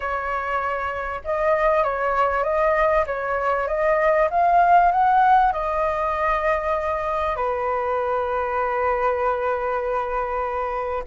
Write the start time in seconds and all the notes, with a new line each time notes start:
0.00 C#5
1.24 D#5
1.83 C#5
2.43 D#5
3.06 C#5
3.67 D#5
4.30 F5
4.91 F#5
5.52 D#5
7.36 B4